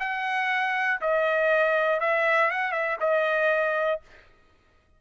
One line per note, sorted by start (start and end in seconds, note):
0.00 1.01 F#5
1.01 2.00 D#5
2.00 2.51 E5
2.51 2.72 F#5
2.72 2.97 E5
3.00 4.01 D#5